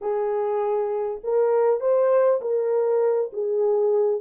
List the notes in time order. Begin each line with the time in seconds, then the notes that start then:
0.01 G#4
1.23 A#4
1.80 C5
2.41 A#4
3.32 G#4